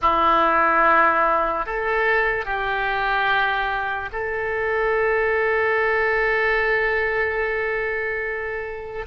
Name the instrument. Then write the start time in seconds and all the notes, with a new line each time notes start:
oboe
0.01 E4
1.66 A4
2.45 G4
4.12 A4